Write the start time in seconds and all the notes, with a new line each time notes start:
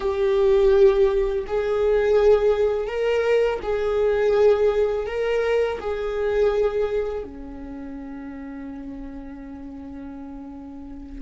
0.00 G4
1.46 G#4
2.87 A#4
3.62 G#4
5.06 A#4
5.80 G#4
7.24 C#4